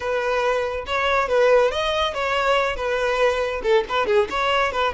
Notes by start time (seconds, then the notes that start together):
0.00 B4
0.86 C#5
1.28 B4
1.71 D#5
2.14 C#5
2.76 B4
3.62 A4
3.88 B4
4.06 G#4
4.30 C#5
4.72 B4